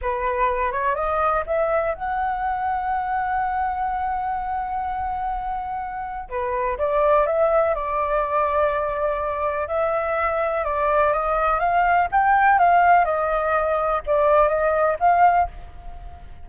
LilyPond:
\new Staff \with { instrumentName = "flute" } { \time 4/4 \tempo 4 = 124 b'4. cis''8 dis''4 e''4 | fis''1~ | fis''1~ | fis''4 b'4 d''4 e''4 |
d''1 | e''2 d''4 dis''4 | f''4 g''4 f''4 dis''4~ | dis''4 d''4 dis''4 f''4 | }